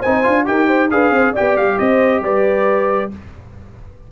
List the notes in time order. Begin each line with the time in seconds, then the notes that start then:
0.00 D#4 C5 G#5
0.06 C4
0.23 D4 F4
0.45 D#4 G4 A#4 G5
0.68 C5
0.91 D4 G#4 B4 F5
1.11 C4 C5
1.33 G4 D5 G5
1.40 B3
1.56 G3 F5
1.79 C4 C5 D#5
2.21 G3 B4 D5